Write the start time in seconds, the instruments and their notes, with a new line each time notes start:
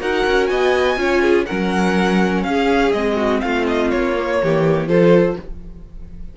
0.00 cello D#4, viola F#4, violin A#4 F#5
0.27 cello C#4
0.47 cello B3, violin D#5 G#5
0.96 cello C#4, viola F4, violin C#5
1.21 violin G#4
1.46 cello F#3, viola C#4, violin A#4 F#5
2.43 cello C#4, violin G#4 F5
2.92 cello G#3, viola C4, violin D#5
3.16 violin F#4
3.41 cello A3, violin F4 F5
3.67 violin D#5
3.90 cello A#3, violin C#5
4.15 viola A#3
4.42 cello E3, violin G4
4.87 cello F3, viola F4, violin A4 C5